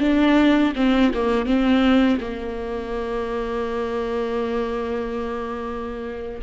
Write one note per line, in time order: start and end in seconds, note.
0.00 0.73 D4
0.75 1.12 C4
1.14 1.46 A#3
1.46 2.19 C4
2.21 6.41 A#3